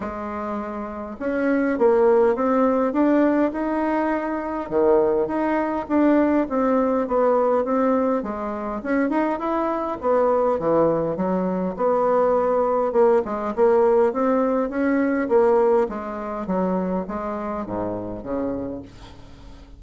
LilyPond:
\new Staff \with { instrumentName = "bassoon" } { \time 4/4 \tempo 4 = 102 gis2 cis'4 ais4 | c'4 d'4 dis'2 | dis4 dis'4 d'4 c'4 | b4 c'4 gis4 cis'8 dis'8 |
e'4 b4 e4 fis4 | b2 ais8 gis8 ais4 | c'4 cis'4 ais4 gis4 | fis4 gis4 gis,4 cis4 | }